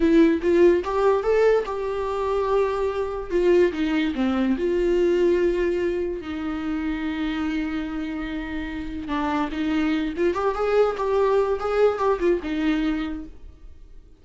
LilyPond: \new Staff \with { instrumentName = "viola" } { \time 4/4 \tempo 4 = 145 e'4 f'4 g'4 a'4 | g'1 | f'4 dis'4 c'4 f'4~ | f'2. dis'4~ |
dis'1~ | dis'2 d'4 dis'4~ | dis'8 f'8 g'8 gis'4 g'4. | gis'4 g'8 f'8 dis'2 | }